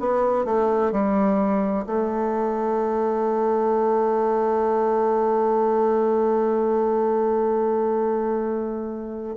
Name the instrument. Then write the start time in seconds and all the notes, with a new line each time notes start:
bassoon
0.00 B3
0.46 A3
0.92 G3
1.87 A3